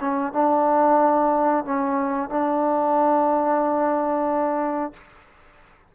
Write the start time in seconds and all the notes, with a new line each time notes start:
0.00 C#4
0.32 D4
1.64 C#4
2.29 D4